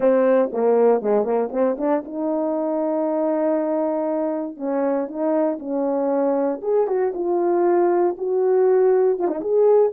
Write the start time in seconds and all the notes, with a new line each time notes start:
0.00 C4
0.52 A#3
1.01 G#3
1.23 A#3
1.51 C4
1.78 D4
2.05 D#4
4.56 C#4
5.07 D#4
5.59 C#4
6.61 G#4
6.87 F#4
7.14 F4
8.17 F#4
9.18 F4
9.27 D#4
9.40 G#4